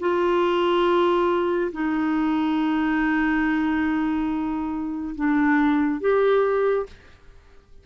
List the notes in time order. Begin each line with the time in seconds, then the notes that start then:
0.00 F4
1.72 D#4
5.15 D4
6.00 G4